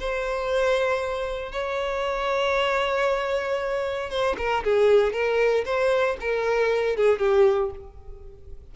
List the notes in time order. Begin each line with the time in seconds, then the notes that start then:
0.00 C5
1.52 C#5
4.10 C5
4.38 A#4
4.64 G#4
5.13 A#4
5.65 C5
6.20 A#4
6.96 G#4
7.19 G4